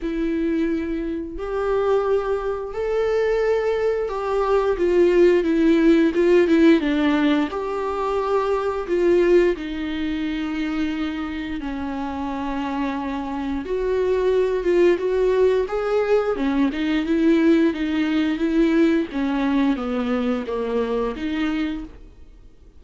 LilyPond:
\new Staff \with { instrumentName = "viola" } { \time 4/4 \tempo 4 = 88 e'2 g'2 | a'2 g'4 f'4 | e'4 f'8 e'8 d'4 g'4~ | g'4 f'4 dis'2~ |
dis'4 cis'2. | fis'4. f'8 fis'4 gis'4 | cis'8 dis'8 e'4 dis'4 e'4 | cis'4 b4 ais4 dis'4 | }